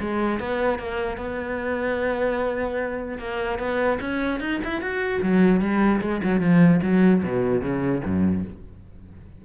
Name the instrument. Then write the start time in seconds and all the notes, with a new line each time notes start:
cello
0.00 G#3
0.40 B3
0.79 A#3
1.17 B3
3.19 A#3
3.59 B3
4.00 C#4
4.40 D#4
4.64 E4
4.81 F#4
5.23 F#3
5.61 G3
6.01 G#3
6.24 F#3
6.41 F3
6.82 F#3
7.23 B2
7.62 C#3
8.05 F#2